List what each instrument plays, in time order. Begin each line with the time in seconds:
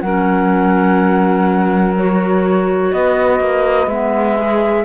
0.00 cello F#3, clarinet C#4, saxophone A#4, flute F#5
1.96 clarinet F#4, flute C#5
2.92 cello B3, saxophone B4, flute D#5
3.40 cello A#3
3.87 cello G#3, clarinet B3, flute E5
4.37 clarinet G#4